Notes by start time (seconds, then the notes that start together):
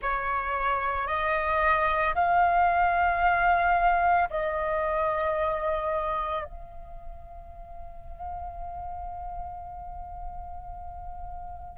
0.02 C#5
1.07 D#5
2.14 F5
4.30 D#5
6.44 F5